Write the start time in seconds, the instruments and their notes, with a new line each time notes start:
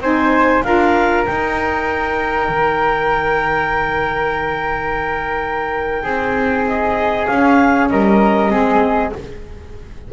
0.00 double bass C4, saxophone D#4, flute C5, clarinet G#5
0.63 double bass D4, saxophone F4, flute A#4, clarinet F5
1.25 saxophone D#4, double bass D#4, clarinet G5
2.48 double bass D#3
6.03 double bass C4, flute G#4
6.67 clarinet D#5
7.26 saxophone C#4, double bass C#4, clarinet F5
7.89 double bass G3, flute A#4, clarinet D#5
8.50 double bass G#3, saxophone C4, flute G#4